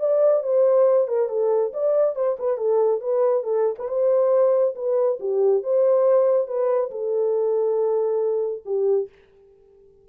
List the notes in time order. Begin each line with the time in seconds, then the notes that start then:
0.00 D5
0.44 C5
1.08 A#4
1.29 A4
1.74 D5
2.16 C5
2.39 B4
2.58 A4
3.01 B4
3.44 A4
3.79 B4
3.88 C5
4.76 B4
5.20 G4
5.63 C5
6.48 B4
6.91 A4
8.66 G4